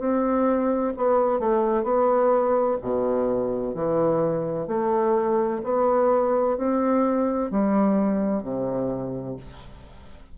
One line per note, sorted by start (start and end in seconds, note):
0.00 0.94 C4
0.97 1.40 B3
1.40 1.84 A3
1.84 2.78 B3
2.82 3.75 B2
3.75 4.68 E3
4.68 5.62 A3
5.64 6.58 B3
6.58 7.51 C4
7.51 8.43 G3
8.43 9.37 C3